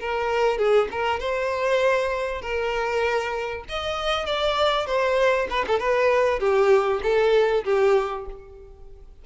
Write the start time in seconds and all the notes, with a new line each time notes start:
0.00 A#4
0.58 G#4
0.91 A#4
1.20 C5
2.42 A#4
3.69 D#5
4.26 D5
4.86 C5
5.50 B4
5.67 A4
5.79 B4
6.40 G4
7.02 A4
7.64 G4